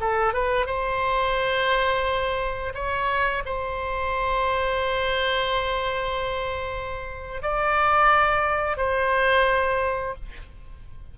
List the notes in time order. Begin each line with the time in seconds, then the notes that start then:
0.00 A4
0.33 B4
0.66 C5
2.74 C#5
3.45 C5
7.42 D5
8.77 C5